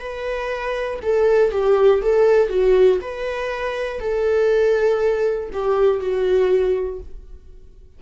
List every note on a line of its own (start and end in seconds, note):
0.00 1.00 B4
1.03 1.51 A4
1.51 2.01 G4
2.02 2.50 A4
2.50 3.00 F#4
3.01 4.00 B4
4.00 5.50 A4
5.53 6.00 G4
6.00 7.00 F#4